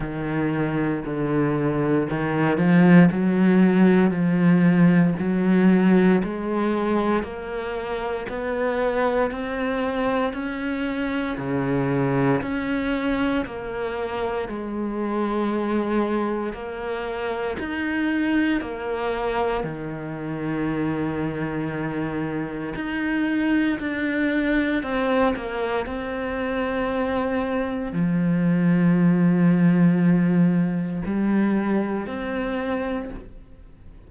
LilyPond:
\new Staff \with { instrumentName = "cello" } { \time 4/4 \tempo 4 = 58 dis4 d4 dis8 f8 fis4 | f4 fis4 gis4 ais4 | b4 c'4 cis'4 cis4 | cis'4 ais4 gis2 |
ais4 dis'4 ais4 dis4~ | dis2 dis'4 d'4 | c'8 ais8 c'2 f4~ | f2 g4 c'4 | }